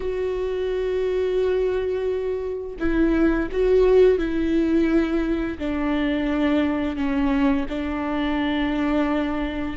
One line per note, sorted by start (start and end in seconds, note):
0.00 2.76 F#4
2.79 3.49 E4
3.51 4.18 F#4
4.18 5.58 E4
5.58 6.96 D4
6.96 7.66 C#4
7.68 9.76 D4